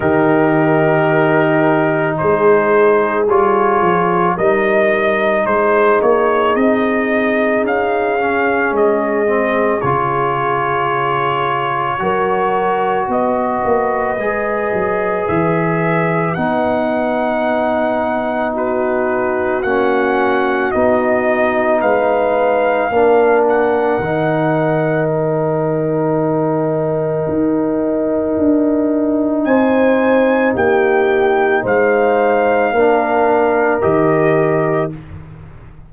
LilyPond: <<
  \new Staff \with { instrumentName = "trumpet" } { \time 4/4 \tempo 4 = 55 ais'2 c''4 cis''4 | dis''4 c''8 cis''8 dis''4 f''4 | dis''4 cis''2. | dis''2 e''4 fis''4~ |
fis''4 b'4 fis''4 dis''4 | f''4. fis''4. g''4~ | g''2. gis''4 | g''4 f''2 dis''4 | }
  \new Staff \with { instrumentName = "horn" } { \time 4/4 g'2 gis'2 | ais'4 gis'2.~ | gis'2. ais'4 | b'1~ |
b'4 fis'2. | b'4 ais'2.~ | ais'2. c''4 | g'4 c''4 ais'2 | }
  \new Staff \with { instrumentName = "trombone" } { \time 4/4 dis'2. f'4 | dis'2.~ dis'8 cis'8~ | cis'8 c'8 f'2 fis'4~ | fis'4 gis'2 dis'4~ |
dis'2 cis'4 dis'4~ | dis'4 d'4 dis'2~ | dis'1~ | dis'2 d'4 g'4 | }
  \new Staff \with { instrumentName = "tuba" } { \time 4/4 dis2 gis4 g8 f8 | g4 gis8 ais8 c'4 cis'4 | gis4 cis2 fis4 | b8 ais8 gis8 fis8 e4 b4~ |
b2 ais4 b4 | gis4 ais4 dis2~ | dis4 dis'4 d'4 c'4 | ais4 gis4 ais4 dis4 | }
>>